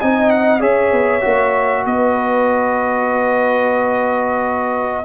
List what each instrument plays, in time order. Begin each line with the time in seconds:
0.00 tuba C4, trombone D#4, horn D#5, trumpet G#5
0.30 trumpet F#5
0.60 tuba C#4, trombone G#4, horn C#5, trumpet E5
0.92 tuba B3
1.21 tuba A#3, trombone F#4
1.85 tuba B3, horn B4, trumpet D#5